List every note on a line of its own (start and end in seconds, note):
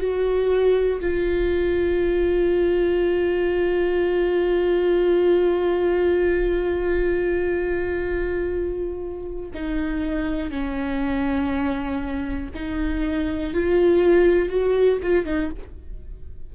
0.00 1.00 F#4
1.00 9.50 F4
9.54 10.50 D#4
10.50 12.50 C#4
12.54 13.53 D#4
13.53 14.49 F4
14.49 14.99 F#4
15.02 15.25 F4
15.25 15.50 D#4